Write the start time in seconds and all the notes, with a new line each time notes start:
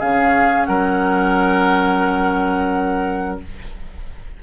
0.00 C#3 C#4 G#4 F5
0.65 F#3 A#4 F#5